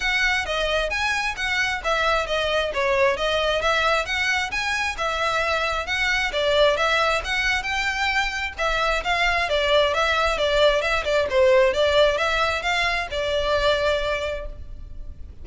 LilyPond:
\new Staff \with { instrumentName = "violin" } { \time 4/4 \tempo 4 = 133 fis''4 dis''4 gis''4 fis''4 | e''4 dis''4 cis''4 dis''4 | e''4 fis''4 gis''4 e''4~ | e''4 fis''4 d''4 e''4 |
fis''4 g''2 e''4 | f''4 d''4 e''4 d''4 | e''8 d''8 c''4 d''4 e''4 | f''4 d''2. | }